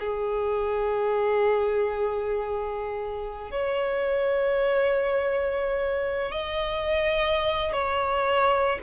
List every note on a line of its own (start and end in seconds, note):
0.00 3.51 G#4
3.51 6.32 C#5
6.32 7.73 D#5
7.73 8.79 C#5